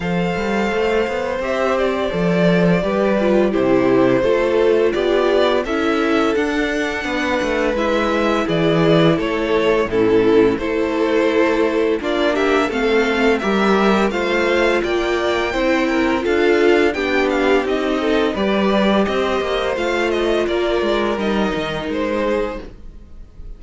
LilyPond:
<<
  \new Staff \with { instrumentName = "violin" } { \time 4/4 \tempo 4 = 85 f''2 e''8 d''4.~ | d''4 c''2 d''4 | e''4 fis''2 e''4 | d''4 cis''4 a'4 c''4~ |
c''4 d''8 e''8 f''4 e''4 | f''4 g''2 f''4 | g''8 f''8 dis''4 d''4 dis''4 | f''8 dis''8 d''4 dis''4 c''4 | }
  \new Staff \with { instrumentName = "violin" } { \time 4/4 c''1 | b'4 g'4 a'4 g'4 | a'2 b'2 | gis'4 a'4 e'4 a'4~ |
a'4 f'8 g'8 a'4 ais'4 | c''4 d''4 c''8 ais'8 a'4 | g'4. a'8 b'4 c''4~ | c''4 ais'2~ ais'8 gis'8 | }
  \new Staff \with { instrumentName = "viola" } { \time 4/4 a'2 g'4 a'4 | g'8 f'8 e'4 f'2 | e'4 d'2 e'4~ | e'2 cis'4 e'4~ |
e'4 d'4 c'4 g'4 | f'2 e'4 f'4 | d'4 dis'4 g'2 | f'2 dis'2 | }
  \new Staff \with { instrumentName = "cello" } { \time 4/4 f8 g8 a8 b8 c'4 f4 | g4 c4 a4 b4 | cis'4 d'4 b8 a8 gis4 | e4 a4 a,4 a4~ |
a4 ais4 a4 g4 | a4 ais4 c'4 d'4 | b4 c'4 g4 c'8 ais8 | a4 ais8 gis8 g8 dis8 gis4 | }
>>